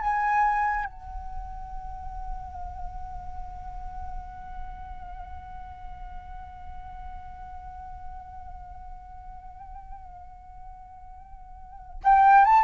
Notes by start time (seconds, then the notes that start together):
0.00 G#5
0.85 F#5
12.04 G5
12.45 A5